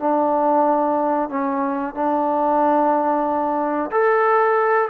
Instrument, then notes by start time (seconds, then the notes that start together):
trombone
0.00 D4
1.29 C#4
1.95 D4
3.91 A4